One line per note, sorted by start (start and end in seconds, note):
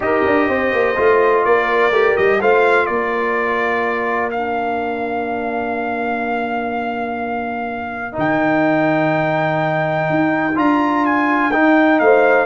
0.00 0.23 D#4
0.00 0.95 G4
0.00 0.48 A#4
0.00 1.44 D#5
0.25 0.48 D4
0.48 0.72 C4
0.48 1.44 C5
0.72 0.96 A#3
0.96 1.45 A3
0.96 1.92 F4
1.44 1.90 A#3
1.44 2.41 A#4
1.44 2.16 D5
1.90 2.14 A3
1.90 2.40 G4
2.17 2.41 G3
2.17 2.41 D#5
2.41 2.88 A3
2.41 4.32 F4
2.41 2.88 C5
2.41 2.85 F5
2.85 8.16 A#3
2.85 12.00 A#4
2.85 4.29 D5
4.30 8.12 D4
4.30 8.14 F5
8.12 10.09 D#3
8.12 10.52 D#4
8.19 10.58 G5
10.09 10.57 D#4
10.55 11.53 D4
10.55 11.51 F4
10.55 11.05 A#5
11.05 11.51 G#5
11.51 12.46 D#4
11.51 12.00 D#4
11.51 11.99 G5
11.99 12.46 A3
11.99 12.46 C5
11.99 12.46 F5